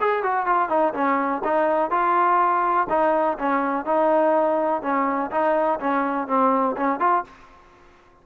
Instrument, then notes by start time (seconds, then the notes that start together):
trombone
0.00 G#4
0.22 F#4
0.46 F4
0.69 D#4
0.93 C#4
1.44 D#4
1.90 F4
2.89 D#4
3.38 C#4
3.85 D#4
4.82 C#4
5.30 D#4
5.79 C#4
6.27 C4
6.76 C#4
6.99 F4